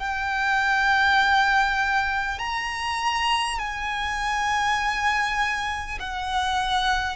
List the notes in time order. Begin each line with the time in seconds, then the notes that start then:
0.00 G5
2.39 A#5
3.59 G#5
6.00 F#5